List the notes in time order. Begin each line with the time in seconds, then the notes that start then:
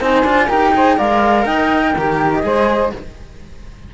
0.00 C4 D#4 C5 G#5
0.24 D4 F4
0.47 D#4 G4 A#4 G5
0.74 G#4 C5
0.96 G#3 A#4 D5 F5
1.45 D#4 D#5 G5
1.94 D#3 G4 A#4
2.33 D#5
2.43 G#3 G#4 C5